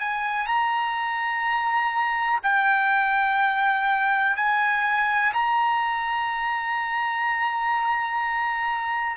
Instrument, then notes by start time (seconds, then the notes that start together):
trumpet
0.00 G#5
0.47 A#5
2.43 G5
4.36 G#5
5.34 A#5